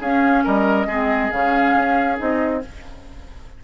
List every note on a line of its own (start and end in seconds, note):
0.00 0.43 C#4
0.00 0.88 C#4
0.00 0.43 G#4
0.00 0.44 F5
0.44 0.86 G3
0.44 0.87 A#4
0.44 1.31 D#5
0.86 1.29 G#3
0.86 1.31 C4
0.86 2.59 G#4
1.31 1.75 C#3
1.31 2.16 C#4
1.31 2.17 F5
1.75 2.18 C#4
2.16 2.64 C4
2.16 2.59 D#4
2.16 2.62 D#5